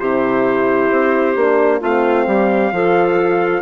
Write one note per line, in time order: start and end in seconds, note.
0.00 0.91 C3
0.00 1.36 E4
0.00 1.80 G4
0.00 1.82 C5
0.92 1.36 C4
1.36 1.81 A#3
1.36 1.82 D4
1.80 2.27 A3
1.80 2.72 C4
1.80 2.26 F4
1.80 3.63 F5
2.27 2.73 G3
2.27 2.73 G4
2.72 3.63 F3
2.72 3.63 F4
2.72 3.63 A4